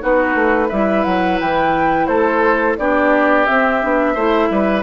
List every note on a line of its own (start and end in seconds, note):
0.00 0.34 B3
0.00 0.69 D#4
0.00 0.68 F#4
0.00 0.70 B4
0.34 0.69 A3
0.68 1.06 G3
0.68 2.78 E4
0.68 2.06 B4
0.68 1.03 E5
1.03 1.40 F#3
1.03 1.38 F#5
1.40 2.08 E3
1.40 2.06 G5
2.06 2.77 A3
2.06 2.77 A4
2.06 2.75 C5
2.77 3.47 B3
2.77 3.46 D4
2.77 4.14 G4
2.77 3.46 D5
3.46 3.81 C4
3.46 3.83 C4
3.46 4.82 E5
3.81 4.15 B3
3.81 4.16 D4
4.14 4.49 A3
4.14 4.82 E4
4.14 4.48 C5
4.50 4.82 G3
4.50 4.82 B4